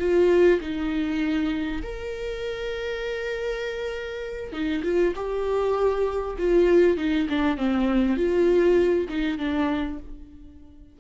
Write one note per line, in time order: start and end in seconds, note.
0.00 0.61 F4
0.61 1.82 D#4
1.83 4.53 A#4
4.53 4.83 D#4
4.84 5.15 F4
5.16 6.37 G4
6.39 6.98 F4
6.98 7.28 D#4
7.30 7.58 D4
7.58 8.17 C4
8.17 9.08 F4
9.09 9.39 D#4
9.39 9.99 D4